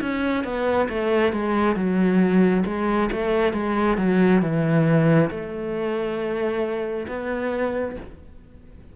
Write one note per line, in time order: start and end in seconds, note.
0.00 0.44 C#4
0.44 0.88 B3
0.89 1.32 A3
1.32 1.75 G#3
1.75 2.64 F#3
2.65 3.09 G#3
3.11 3.53 A3
3.53 3.97 G#3
3.97 4.41 F#3
4.41 5.29 E3
5.30 7.06 A3
7.07 7.96 B3